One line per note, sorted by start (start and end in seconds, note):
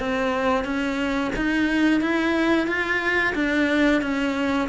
0.00 0.65 C4
0.65 1.32 C#4
1.37 2.02 D#4
2.02 2.68 E4
2.68 3.34 F4
3.35 4.02 D4
4.02 4.69 C#4